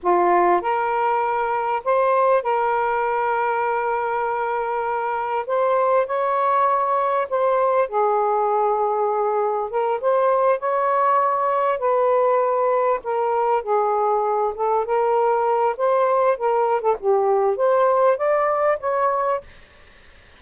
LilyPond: \new Staff \with { instrumentName = "saxophone" } { \time 4/4 \tempo 4 = 99 f'4 ais'2 c''4 | ais'1~ | ais'4 c''4 cis''2 | c''4 gis'2. |
ais'8 c''4 cis''2 b'8~ | b'4. ais'4 gis'4. | a'8 ais'4. c''4 ais'8. a'16 | g'4 c''4 d''4 cis''4 | }